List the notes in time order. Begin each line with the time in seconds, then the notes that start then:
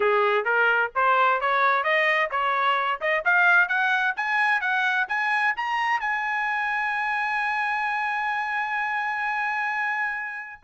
0.00 G#4
0.44 A#4
0.95 C5
1.41 C#5
1.83 D#5
2.30 C#5
3.01 D#5
3.24 F5
3.68 F#5
4.16 G#5
4.60 F#5
5.08 G#5
5.56 A#5
6.00 G#5